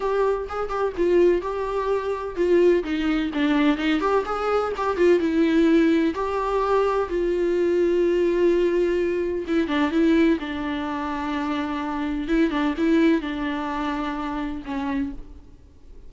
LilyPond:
\new Staff \with { instrumentName = "viola" } { \time 4/4 \tempo 4 = 127 g'4 gis'8 g'8 f'4 g'4~ | g'4 f'4 dis'4 d'4 | dis'8 g'8 gis'4 g'8 f'8 e'4~ | e'4 g'2 f'4~ |
f'1 | e'8 d'8 e'4 d'2~ | d'2 e'8 d'8 e'4 | d'2. cis'4 | }